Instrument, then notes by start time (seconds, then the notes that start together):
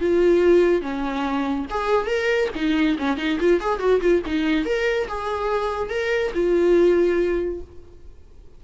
viola
0.00 F4
0.82 C#4
1.70 G#4
2.06 A#4
2.55 D#4
2.99 C#4
3.17 D#4
3.40 F4
3.60 G#4
3.79 F#4
4.01 F4
4.26 D#4
4.65 A#4
5.08 G#4
5.90 A#4
6.34 F4